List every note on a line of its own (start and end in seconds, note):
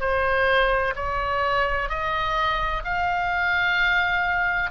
0.00 0.94 C5
0.95 1.89 C#5
1.89 2.83 D#5
2.84 4.70 F5